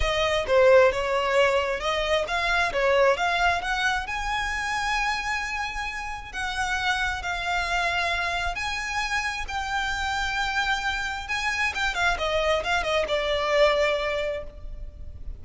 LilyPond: \new Staff \with { instrumentName = "violin" } { \time 4/4 \tempo 4 = 133 dis''4 c''4 cis''2 | dis''4 f''4 cis''4 f''4 | fis''4 gis''2.~ | gis''2 fis''2 |
f''2. gis''4~ | gis''4 g''2.~ | g''4 gis''4 g''8 f''8 dis''4 | f''8 dis''8 d''2. | }